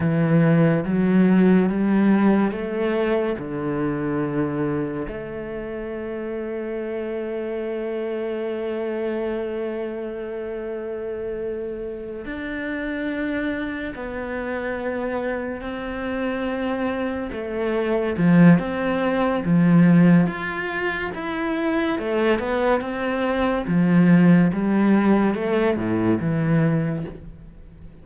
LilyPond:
\new Staff \with { instrumentName = "cello" } { \time 4/4 \tempo 4 = 71 e4 fis4 g4 a4 | d2 a2~ | a1~ | a2~ a8 d'4.~ |
d'8 b2 c'4.~ | c'8 a4 f8 c'4 f4 | f'4 e'4 a8 b8 c'4 | f4 g4 a8 a,8 e4 | }